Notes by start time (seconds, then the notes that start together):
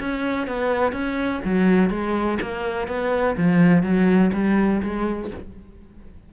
0.00 C#4
0.48 B3
0.93 C#4
1.45 F#3
1.90 G#3
2.42 A#3
2.88 B3
3.38 F3
3.83 F#3
4.34 G3
4.83 G#3